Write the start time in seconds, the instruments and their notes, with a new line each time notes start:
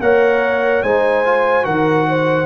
0.00 tuba A#3, trombone A#4, horn C#5, trumpet F#5
0.83 tuba G#3, trombone D#4, horn C5, trumpet G#5
1.26 trombone F4
1.63 tuba D#3, trombone F#4, horn A#4, trumpet F#5
2.09 horn C5